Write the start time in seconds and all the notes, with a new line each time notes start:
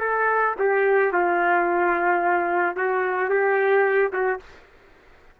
0.00 A4
0.59 G4
1.12 F4
2.76 F#4
3.29 G4
4.12 F#4